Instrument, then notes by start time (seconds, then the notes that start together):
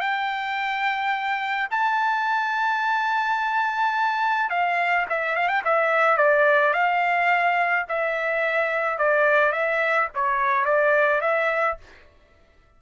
trumpet
0.00 G5
1.71 A5
4.50 F5
5.10 E5
5.36 F5
5.49 G5
5.65 E5
6.18 D5
6.74 F5
7.89 E5
8.98 D5
9.53 E5
10.15 C#5
10.65 D5
11.21 E5